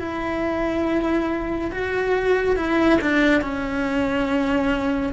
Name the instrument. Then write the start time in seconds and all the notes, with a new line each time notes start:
cello
0.00 E4
1.72 F#4
2.56 E4
3.02 D4
3.42 C#4